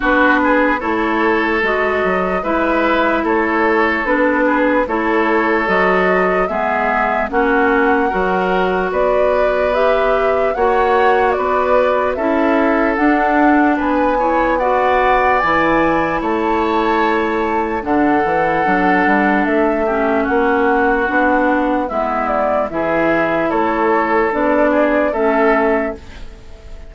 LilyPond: <<
  \new Staff \with { instrumentName = "flute" } { \time 4/4 \tempo 4 = 74 b'4 cis''4 dis''4 e''4 | cis''4 b'4 cis''4 dis''4 | e''4 fis''2 d''4 | e''4 fis''4 d''4 e''4 |
fis''4 gis''4 fis''4 gis''4 | a''2 fis''2 | e''4 fis''2 e''8 d''8 | e''4 cis''4 d''4 e''4 | }
  \new Staff \with { instrumentName = "oboe" } { \time 4/4 fis'8 gis'8 a'2 b'4 | a'4. gis'8 a'2 | gis'4 fis'4 ais'4 b'4~ | b'4 cis''4 b'4 a'4~ |
a'4 b'8 cis''8 d''2 | cis''2 a'2~ | a'8 g'8 fis'2 e'4 | gis'4 a'4. gis'8 a'4 | }
  \new Staff \with { instrumentName = "clarinet" } { \time 4/4 d'4 e'4 fis'4 e'4~ | e'4 d'4 e'4 fis'4 | b4 cis'4 fis'2 | g'4 fis'2 e'4 |
d'4. e'8 fis'4 e'4~ | e'2 d'8 e'8 d'4~ | d'8 cis'4. d'4 b4 | e'2 d'4 cis'4 | }
  \new Staff \with { instrumentName = "bassoon" } { \time 4/4 b4 a4 gis8 fis8 gis4 | a4 b4 a4 fis4 | gis4 ais4 fis4 b4~ | b4 ais4 b4 cis'4 |
d'4 b2 e4 | a2 d8 e8 fis8 g8 | a4 ais4 b4 gis4 | e4 a4 b4 a4 | }
>>